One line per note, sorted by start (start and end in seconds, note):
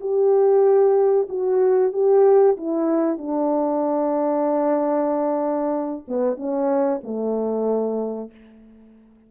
0.00 1.28 G4
1.29 1.92 F#4
1.92 2.56 G4
2.57 3.18 E4
3.18 6.05 D4
6.08 6.37 B3
6.37 7.00 C#4
7.03 8.31 A3